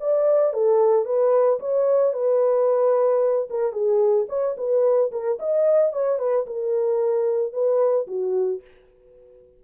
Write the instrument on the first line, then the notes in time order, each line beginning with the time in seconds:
horn
0.00 D5
0.53 A4
1.05 B4
1.59 C#5
2.13 B4
3.50 A#4
3.72 G#4
4.29 C#5
4.57 B4
5.12 A#4
5.39 D#5
5.93 C#5
6.19 B4
6.46 A#4
7.53 B4
8.07 F#4